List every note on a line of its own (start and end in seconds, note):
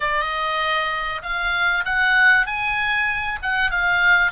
0.00 1.22 D#5
1.22 1.84 F5
1.85 2.46 F#5
2.46 3.39 G#5
3.42 3.71 F#5
3.71 4.31 F5